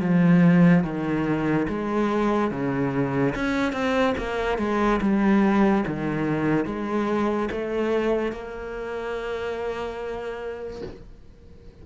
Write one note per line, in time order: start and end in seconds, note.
0.00 0.83 F3
0.83 1.67 D#3
1.68 2.50 G#3
2.50 3.34 C#3
3.35 3.72 C#4
3.72 4.14 C4
4.17 4.58 A#3
4.58 5.00 G#3
5.01 5.84 G3
5.87 6.65 D#3
6.65 7.48 G#3
7.51 8.32 A3
8.32 10.82 A#3